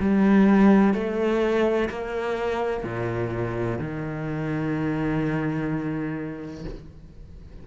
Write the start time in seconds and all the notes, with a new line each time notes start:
0.00 G3
0.94 A3
1.90 A#3
2.84 A#2
3.79 D#3